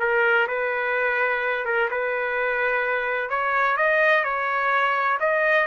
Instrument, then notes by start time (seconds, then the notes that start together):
trumpet
0.00 A#4
0.48 B4
1.66 A#4
1.91 B4
3.30 C#5
3.77 D#5
4.24 C#5
5.20 D#5